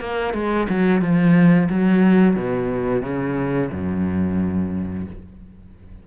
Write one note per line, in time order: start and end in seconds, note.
0.00 0.34 A#3
0.34 0.67 G#3
0.69 1.01 F#3
1.01 1.69 F3
1.69 2.36 F#3
2.36 3.02 B2
3.02 3.70 C#3
3.72 5.07 F#2